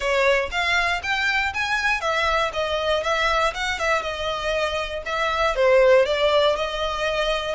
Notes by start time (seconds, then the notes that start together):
0.00 C#5
0.51 F5
1.02 G5
1.53 G#5
2.01 E5
2.53 D#5
3.03 E5
3.54 F#5
3.79 E5
4.02 D#5
5.05 E5
5.55 C5
6.05 D5
6.56 D#5